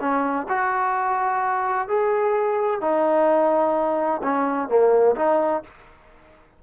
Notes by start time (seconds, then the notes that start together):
0.00 C#4
0.48 F#4
1.88 G#4
2.81 D#4
4.23 C#4
4.68 A#3
5.16 D#4